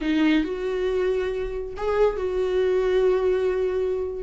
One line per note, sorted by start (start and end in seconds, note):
0.01 0.43 D#4
0.43 1.74 F#4
1.76 2.16 G#4
2.16 4.23 F#4